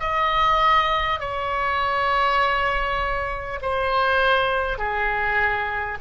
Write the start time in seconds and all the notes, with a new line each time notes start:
0.00 D#5
1.19 C#5
3.62 C5
4.78 G#4